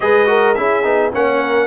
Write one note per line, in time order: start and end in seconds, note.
0.00 0.57 G#3
0.00 0.26 G#4
0.00 0.29 B4
0.00 0.54 D#5
0.26 0.54 F#4
0.26 0.56 A#4
0.54 0.84 C#4
0.54 0.83 E4
0.54 1.13 G#4
0.54 1.10 E5
0.83 1.12 B3
0.83 1.11 D#4
1.12 1.66 A#3
1.12 1.66 C#4
1.12 1.41 C#5
1.12 1.66 F#5
1.41 1.66 A#4